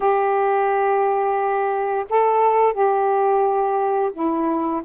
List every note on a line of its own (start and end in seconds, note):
0.00 2.05 G4
2.09 2.73 A4
2.73 4.11 G4
4.13 4.82 E4